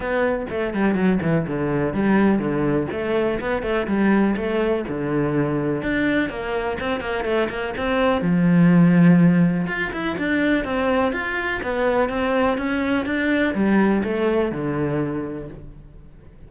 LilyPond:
\new Staff \with { instrumentName = "cello" } { \time 4/4 \tempo 4 = 124 b4 a8 g8 fis8 e8 d4 | g4 d4 a4 b8 a8 | g4 a4 d2 | d'4 ais4 c'8 ais8 a8 ais8 |
c'4 f2. | f'8 e'8 d'4 c'4 f'4 | b4 c'4 cis'4 d'4 | g4 a4 d2 | }